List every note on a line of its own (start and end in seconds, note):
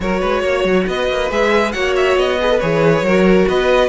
0.00 0.21 F#3
0.00 1.30 F#4
0.00 0.20 A#4
0.00 0.87 C#5
0.20 0.43 G#3
0.20 0.42 B4
0.43 0.64 A#3
0.43 0.86 C#5
0.64 0.86 F#3
0.87 1.09 B3
0.87 1.73 B4
0.87 1.31 D#5
1.09 1.30 A#3
1.30 1.74 G#3
1.30 1.73 G#4
1.30 1.72 E5
1.72 2.16 A#3
1.72 2.39 F#4
1.72 2.39 C#5
1.72 1.93 F#5
1.96 2.17 E5
2.16 2.60 B3
2.16 2.59 D#5
2.39 2.49 G#4
2.39 3.05 B4
2.49 2.60 A4
2.59 3.01 E3
2.59 3.04 G#4
2.59 3.46 C#5
3.01 3.45 F#3
3.01 3.88 F#4
3.01 3.48 A#4
3.48 3.88 B3
3.48 3.88 B4
3.48 3.88 D#5